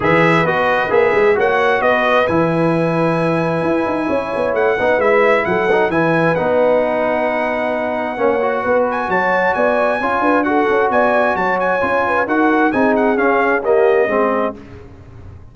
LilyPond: <<
  \new Staff \with { instrumentName = "trumpet" } { \time 4/4 \tempo 4 = 132 e''4 dis''4 e''4 fis''4 | dis''4 gis''2.~ | gis''2 fis''4 e''4 | fis''4 gis''4 fis''2~ |
fis''2.~ fis''8 gis''8 | a''4 gis''2 fis''4 | gis''4 a''8 gis''4. fis''4 | gis''8 fis''8 f''4 dis''2 | }
  \new Staff \with { instrumentName = "horn" } { \time 4/4 b'2. cis''4 | b'1~ | b'4 cis''4. b'4. | a'4 b'2.~ |
b'2 cis''4 b'4 | cis''4 d''4 cis''8 b'8 a'4 | d''4 cis''4. b'8 ais'4 | gis'2 g'4 gis'4 | }
  \new Staff \with { instrumentName = "trombone" } { \time 4/4 gis'4 fis'4 gis'4 fis'4~ | fis'4 e'2.~ | e'2~ e'8 dis'8 e'4~ | e'8 dis'8 e'4 dis'2~ |
dis'2 cis'8 fis'4.~ | fis'2 f'4 fis'4~ | fis'2 f'4 fis'4 | dis'4 cis'4 ais4 c'4 | }
  \new Staff \with { instrumentName = "tuba" } { \time 4/4 e4 b4 ais8 gis8 ais4 | b4 e2. | e'8 dis'8 cis'8 b8 a8 b8 gis4 | fis4 e4 b2~ |
b2 ais4 b4 | fis4 b4 cis'8 d'4 cis'8 | b4 fis4 cis'4 dis'4 | c'4 cis'2 gis4 | }
>>